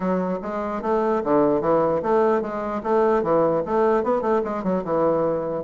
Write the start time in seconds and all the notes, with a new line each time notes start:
0.00 F#3
0.42 G#3
0.82 A3
1.24 D3
1.61 E3
2.02 A3
2.41 G#3
2.83 A3
3.22 E3
3.65 A3
4.03 B3
4.21 A3
4.43 G#3
4.63 F#3
4.84 E3